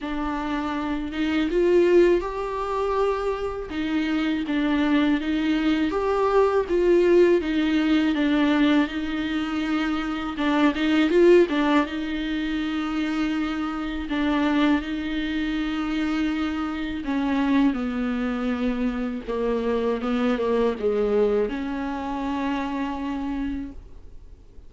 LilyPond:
\new Staff \with { instrumentName = "viola" } { \time 4/4 \tempo 4 = 81 d'4. dis'8 f'4 g'4~ | g'4 dis'4 d'4 dis'4 | g'4 f'4 dis'4 d'4 | dis'2 d'8 dis'8 f'8 d'8 |
dis'2. d'4 | dis'2. cis'4 | b2 ais4 b8 ais8 | gis4 cis'2. | }